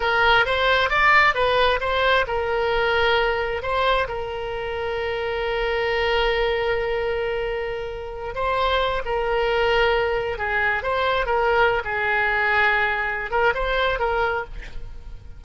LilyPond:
\new Staff \with { instrumentName = "oboe" } { \time 4/4 \tempo 4 = 133 ais'4 c''4 d''4 b'4 | c''4 ais'2. | c''4 ais'2.~ | ais'1~ |
ais'2~ ais'8 c''4. | ais'2. gis'4 | c''4 ais'4~ ais'16 gis'4.~ gis'16~ | gis'4. ais'8 c''4 ais'4 | }